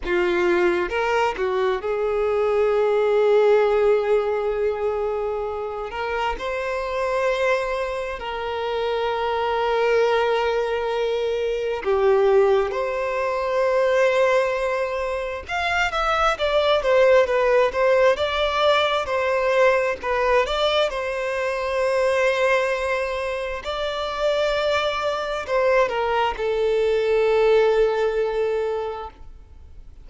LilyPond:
\new Staff \with { instrumentName = "violin" } { \time 4/4 \tempo 4 = 66 f'4 ais'8 fis'8 gis'2~ | gis'2~ gis'8 ais'8 c''4~ | c''4 ais'2.~ | ais'4 g'4 c''2~ |
c''4 f''8 e''8 d''8 c''8 b'8 c''8 | d''4 c''4 b'8 d''8 c''4~ | c''2 d''2 | c''8 ais'8 a'2. | }